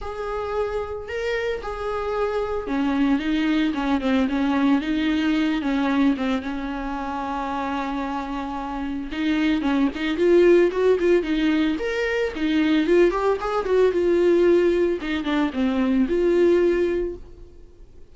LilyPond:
\new Staff \with { instrumentName = "viola" } { \time 4/4 \tempo 4 = 112 gis'2 ais'4 gis'4~ | gis'4 cis'4 dis'4 cis'8 c'8 | cis'4 dis'4. cis'4 c'8 | cis'1~ |
cis'4 dis'4 cis'8 dis'8 f'4 | fis'8 f'8 dis'4 ais'4 dis'4 | f'8 g'8 gis'8 fis'8 f'2 | dis'8 d'8 c'4 f'2 | }